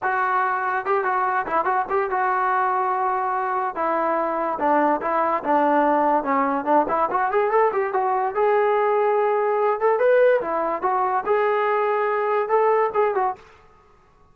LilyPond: \new Staff \with { instrumentName = "trombone" } { \time 4/4 \tempo 4 = 144 fis'2 g'8 fis'4 e'8 | fis'8 g'8 fis'2.~ | fis'4 e'2 d'4 | e'4 d'2 cis'4 |
d'8 e'8 fis'8 gis'8 a'8 g'8 fis'4 | gis'2.~ gis'8 a'8 | b'4 e'4 fis'4 gis'4~ | gis'2 a'4 gis'8 fis'8 | }